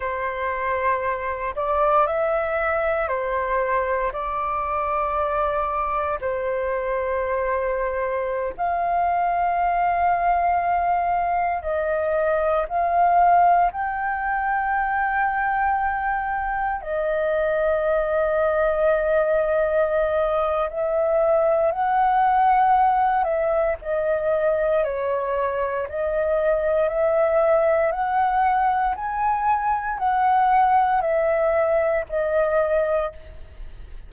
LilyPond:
\new Staff \with { instrumentName = "flute" } { \time 4/4 \tempo 4 = 58 c''4. d''8 e''4 c''4 | d''2 c''2~ | c''16 f''2. dis''8.~ | dis''16 f''4 g''2~ g''8.~ |
g''16 dis''2.~ dis''8. | e''4 fis''4. e''8 dis''4 | cis''4 dis''4 e''4 fis''4 | gis''4 fis''4 e''4 dis''4 | }